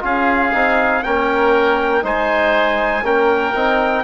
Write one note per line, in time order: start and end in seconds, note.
0.00 0.53 C#4
0.00 0.50 F4
0.00 1.04 G#4
0.00 1.03 F5
0.53 1.04 C4
0.53 1.02 D#4
1.03 2.03 A#3
1.03 2.02 C#4
1.03 2.04 A#4
1.03 2.03 G5
2.02 3.03 G#3
2.02 3.02 D#4
2.02 3.04 C5
2.02 3.05 G#5
3.03 3.53 A#3
3.03 3.54 C#4
3.03 4.04 A#4
3.03 4.04 G5
3.54 4.04 C4
3.54 4.04 D#4